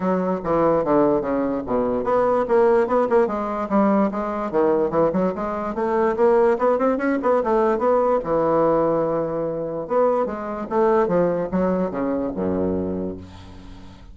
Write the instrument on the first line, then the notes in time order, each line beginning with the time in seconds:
bassoon
0.00 F#3
0.44 E3
0.84 D3
1.21 C#3
1.66 B2
2.04 B3
2.48 A#3
2.87 B3
3.09 A#3
3.27 G#3
3.69 G3
4.11 G#3
4.51 D#3
4.90 E3
5.12 F#3
5.35 G#3
5.74 A3
6.16 A#3
6.58 B3
6.78 C4
6.97 C#4
7.22 B3
7.43 A3
7.78 B3
8.24 E3
9.87 B3
10.25 G#3
10.69 A3
11.07 F3
11.51 F#3
11.90 C#3
12.35 F#2